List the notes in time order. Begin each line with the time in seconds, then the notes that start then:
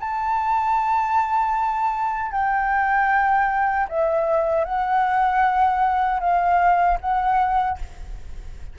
0.00 A5
2.32 G5
3.89 E5
4.65 F#5
6.20 F5
7.01 F#5